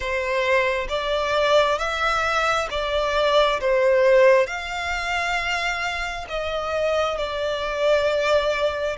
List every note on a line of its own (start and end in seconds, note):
0.00 0.87 C5
0.88 1.78 D5
1.78 2.68 E5
2.70 3.59 D5
3.60 4.46 C5
4.46 6.25 F5
6.28 7.17 D#5
7.17 8.96 D5